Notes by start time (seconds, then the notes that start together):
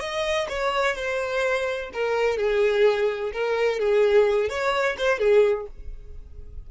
0.00 D#5
0.49 C#5
0.96 C5
1.93 A#4
2.37 G#4
3.33 A#4
3.79 G#4
4.49 C#5
4.97 C5
5.19 G#4